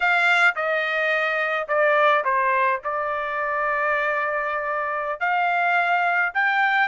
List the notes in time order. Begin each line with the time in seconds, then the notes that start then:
0.00 F5
0.55 D#5
1.68 D5
2.24 C5
2.83 D5
5.20 F5
6.34 G5